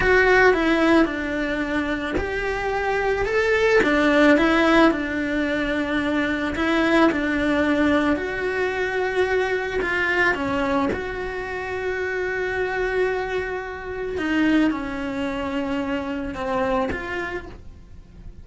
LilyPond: \new Staff \with { instrumentName = "cello" } { \time 4/4 \tempo 4 = 110 fis'4 e'4 d'2 | g'2 a'4 d'4 | e'4 d'2. | e'4 d'2 fis'4~ |
fis'2 f'4 cis'4 | fis'1~ | fis'2 dis'4 cis'4~ | cis'2 c'4 f'4 | }